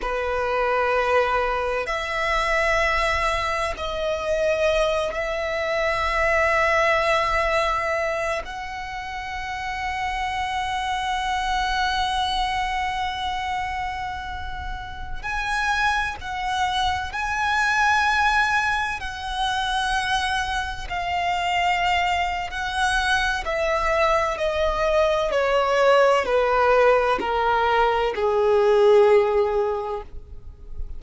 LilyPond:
\new Staff \with { instrumentName = "violin" } { \time 4/4 \tempo 4 = 64 b'2 e''2 | dis''4. e''2~ e''8~ | e''4 fis''2.~ | fis''1~ |
fis''16 gis''4 fis''4 gis''4.~ gis''16~ | gis''16 fis''2 f''4.~ f''16 | fis''4 e''4 dis''4 cis''4 | b'4 ais'4 gis'2 | }